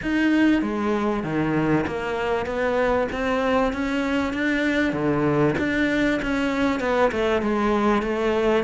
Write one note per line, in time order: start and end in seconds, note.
0.02 0.62 D#4
0.62 1.23 G#3
1.23 1.85 D#3
1.86 2.45 A#3
2.45 3.07 B3
3.12 3.72 C4
3.72 4.33 C#4
4.33 4.93 D4
4.93 5.54 D3
5.58 6.20 D4
6.22 6.80 C#4
6.80 7.11 B3
7.11 7.42 A3
7.42 8.02 G#3
8.02 8.64 A3